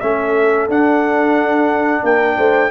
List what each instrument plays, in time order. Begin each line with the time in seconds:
0.00 tuba A3, trombone C#4, horn A4, trumpet E5
0.68 tuba D4, trombone D4, trumpet F#5
2.03 tuba A#3, horn A#4, trumpet G5
2.37 tuba A3, horn C5